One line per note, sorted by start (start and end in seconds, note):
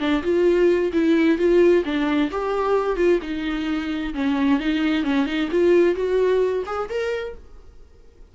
0.00 0.23 D4
0.23 0.92 F4
0.93 1.38 E4
1.38 1.84 F4
1.85 2.31 D4
2.32 2.97 G4
2.97 3.20 F4
3.22 4.14 D#4
4.14 4.60 C#4
4.60 5.04 D#4
5.04 5.27 C#4
5.27 5.49 D#4
5.52 5.95 F4
5.95 6.64 F#4
6.66 6.89 G#4
6.90 7.35 A#4